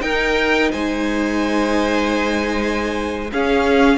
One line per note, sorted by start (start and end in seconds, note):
0.00 3.28 D#4
0.00 0.71 D#4
0.00 0.72 A#4
0.00 0.70 G5
0.72 3.33 G#3
0.72 3.31 C5
0.72 3.31 G#5
3.32 3.98 C#4
3.32 3.98 G#4
3.32 3.98 F5